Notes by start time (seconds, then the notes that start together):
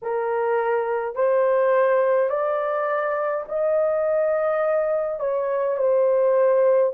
0.02 A#4
1.15 C5
2.29 D5
3.48 D#5
5.19 C#5
5.77 C5